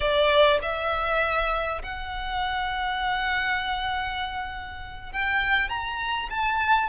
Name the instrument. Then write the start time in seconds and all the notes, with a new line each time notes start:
violin
0.00 D5
0.61 E5
1.82 F#5
5.12 G5
5.69 A#5
6.30 A5